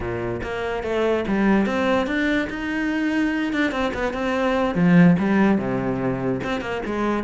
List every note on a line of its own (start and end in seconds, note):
0.00 0.41 A#2
0.43 0.83 A#3
0.83 1.24 A3
1.27 1.66 G3
1.66 2.06 C4
2.06 2.48 D4
2.49 3.52 D#4
3.53 3.71 D4
3.71 3.92 C4
3.93 4.13 B3
4.13 4.75 C4
4.75 5.16 F3
5.18 5.57 G3
5.57 6.40 C3
6.43 6.60 C4
6.60 6.81 A#3
6.85 7.23 G#3